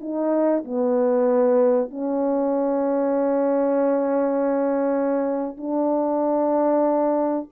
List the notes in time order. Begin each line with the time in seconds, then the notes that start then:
0.00 D#4
0.64 B3
1.90 C#4
5.57 D4